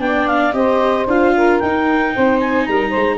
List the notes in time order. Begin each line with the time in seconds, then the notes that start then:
0.00 B3 D4 D5 G5
0.28 F5
0.53 C4 G4 C5 D#5
1.07 D4 F4 F5
1.36 A#4
1.60 D#4 G5
2.15 C4 C5
2.40 G#5
2.66 G3 A#4 A#5
2.90 C5
2.96 G#3